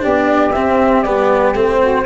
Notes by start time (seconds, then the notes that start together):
0.00 D4 G4 D5
0.06 B3
0.52 C4 E5
1.03 G3 B3 D5
1.54 A3 C4 C5
1.79 F#4